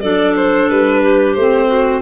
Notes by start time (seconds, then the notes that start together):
0.00 F#3 D4 A4 D5
0.36 C5
0.69 G3 B4
1.02 G4
1.33 A3 C4 C5
1.67 F#4